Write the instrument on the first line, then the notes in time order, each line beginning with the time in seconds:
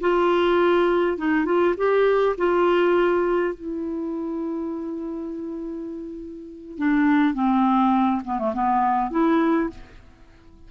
clarinet
0.00 F4
1.17 D#4
1.45 F4
1.77 G4
2.37 F4
3.54 E4
6.78 D4
7.33 C4
8.24 B3
8.38 A3
8.54 B3
9.10 E4